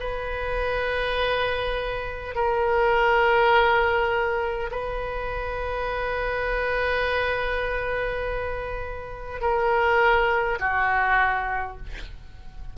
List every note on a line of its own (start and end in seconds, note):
0.00 2.35 B4
2.35 4.71 A#4
4.71 9.41 B4
9.41 10.59 A#4
10.60 11.78 F#4